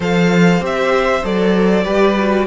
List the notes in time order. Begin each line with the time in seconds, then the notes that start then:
0.00 F3 A4 C5 F5
0.60 C4 G4 E5
1.23 F#3 A4 D5
1.84 G3 G4 B4
2.18 F#4